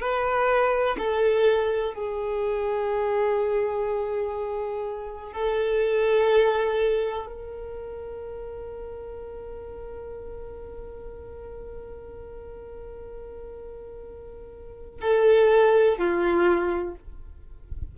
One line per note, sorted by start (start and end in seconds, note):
0.00 0.97 B4
0.98 1.94 A4
1.94 5.33 G#4
5.33 7.27 A4
7.27 15.01 A#4
15.01 15.98 A4
15.99 16.95 F4